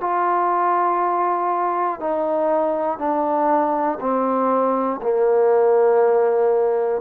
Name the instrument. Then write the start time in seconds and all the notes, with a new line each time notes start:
trombone
0.00 F4
2.00 D#4
2.98 D4
4.00 C4
5.02 A#3